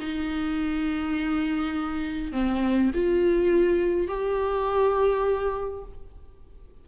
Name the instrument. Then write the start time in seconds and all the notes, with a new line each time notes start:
viola
0.00 D#4
2.33 C4
2.95 F4
4.08 G4